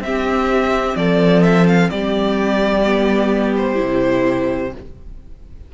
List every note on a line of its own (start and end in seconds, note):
0.00 0.94 C4
0.00 2.85 C4
0.00 0.98 G4
0.00 0.96 E5
0.96 1.90 F3
0.96 1.91 A4
0.96 1.43 D5
1.43 1.67 E5
1.67 1.90 F5
1.90 3.80 G3
1.90 4.72 G4
1.90 3.54 D5
2.85 3.76 B3
3.57 4.74 C5
3.76 4.74 C3
3.76 4.69 E4